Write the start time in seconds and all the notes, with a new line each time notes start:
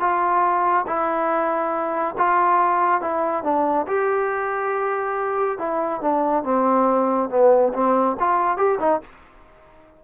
0.00 F4
0.87 E4
2.18 F4
3.01 E4
3.44 D4
3.87 G4
5.58 E4
6.01 D4
6.44 C4
7.30 B3
7.74 C4
8.20 F4
8.58 G4
8.80 D#4